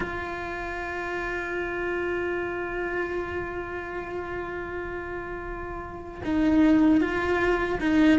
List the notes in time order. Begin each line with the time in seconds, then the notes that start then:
0.00 F4
6.24 D#4
7.01 F4
7.80 D#4